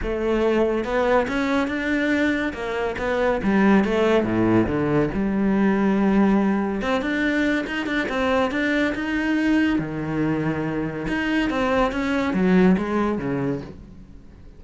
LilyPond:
\new Staff \with { instrumentName = "cello" } { \time 4/4 \tempo 4 = 141 a2 b4 cis'4 | d'2 ais4 b4 | g4 a4 a,4 d4 | g1 |
c'8 d'4. dis'8 d'8 c'4 | d'4 dis'2 dis4~ | dis2 dis'4 c'4 | cis'4 fis4 gis4 cis4 | }